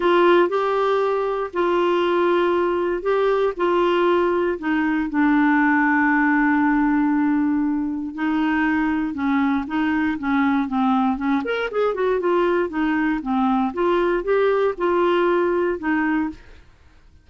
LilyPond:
\new Staff \with { instrumentName = "clarinet" } { \time 4/4 \tempo 4 = 118 f'4 g'2 f'4~ | f'2 g'4 f'4~ | f'4 dis'4 d'2~ | d'1 |
dis'2 cis'4 dis'4 | cis'4 c'4 cis'8 ais'8 gis'8 fis'8 | f'4 dis'4 c'4 f'4 | g'4 f'2 dis'4 | }